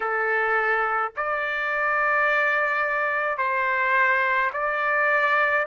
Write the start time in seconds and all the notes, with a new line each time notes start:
0.00 A4
1.16 D5
3.37 C5
4.53 D5